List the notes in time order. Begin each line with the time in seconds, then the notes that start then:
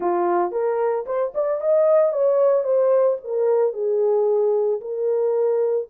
0.00 F4
0.51 A#4
1.06 C5
1.34 D5
1.60 D#5
2.12 C#5
2.63 C5
3.23 A#4
3.73 G#4
4.80 A#4